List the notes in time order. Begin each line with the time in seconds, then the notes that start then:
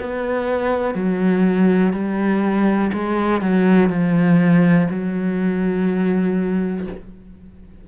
0.00 B3
0.95 F#3
1.93 G3
2.93 G#3
3.41 F#3
3.89 F3
4.90 F#3